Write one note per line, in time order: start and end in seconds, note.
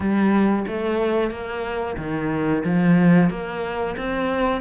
0.00 0.65 G3
0.67 1.30 A3
1.30 1.96 A#3
1.97 2.63 D#3
2.64 3.30 F3
3.30 3.96 A#3
3.97 4.61 C4